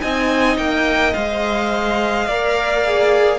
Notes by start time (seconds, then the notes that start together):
0.00 C4 D#4 D#5 G#5
0.57 A#3 G5
1.14 G#3 C5 F5
2.27 A#3 A#4 D5
2.85 G#4